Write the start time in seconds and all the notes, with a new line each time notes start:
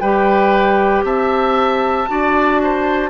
0.00 G3 G4 B4 G5
1.03 C4 E5 A5
2.08 D4 F#4 D5
2.63 C5